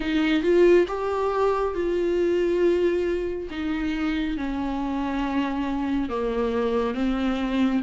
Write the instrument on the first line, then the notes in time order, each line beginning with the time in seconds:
viola
0.00 D#4
0.42 F4
0.87 G4
1.74 F4
3.50 D#4
4.37 C#4
6.09 A#3
6.94 C4